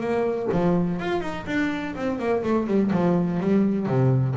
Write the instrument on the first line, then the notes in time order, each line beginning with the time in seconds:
double bass
0.00 A#3
0.52 F3
0.99 F4
1.21 D#4
1.46 D4
1.96 C4
2.18 A#3
2.43 A3
2.66 G3
2.91 F3
3.40 G3
3.86 C3